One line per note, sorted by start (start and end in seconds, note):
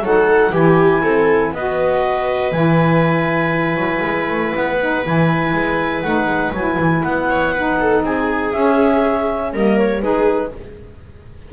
0.00 0.50 F#3
0.00 0.54 D#4
0.00 0.51 A4
0.00 0.54 F#5
0.51 1.02 E3
0.51 1.54 E4
0.51 1.01 G4
0.51 1.54 G#5
1.02 1.52 C4
1.02 1.52 A4
1.52 2.52 B3
1.52 2.51 F#4
1.52 7.29 B4
1.52 2.53 D#5
2.51 3.76 E3
2.51 4.76 E4
2.51 4.53 G#5
3.76 4.01 F#3
4.04 4.28 G#3
4.28 4.53 A3
4.55 5.06 B3
4.55 5.05 F#5
4.80 5.04 D#4
5.04 5.53 E3
5.04 6.04 E4
5.04 6.02 G#5
5.53 6.03 G#3
6.02 6.26 A3
6.02 6.54 D#4
6.02 6.52 F#5
6.26 6.51 G#3
6.52 6.77 F#3
6.52 7.56 E4
6.52 7.03 G#5
6.78 7.03 E3
7.03 8.03 B3
7.03 8.03 F#5
7.29 7.53 C#5
7.53 8.54 D#4
7.53 7.78 B4
7.80 8.04 A4
8.03 8.53 C4
8.03 9.53 G#4
8.03 8.52 G#5
8.52 9.53 C#4
8.52 9.52 E5
9.53 10.02 G3
9.53 10.02 A#3
9.53 10.03 A#4
9.53 9.77 D#5
9.77 10.01 C#5
10.01 10.52 G#3
10.01 10.52 D#4
10.01 10.53 G#4
10.01 10.51 B4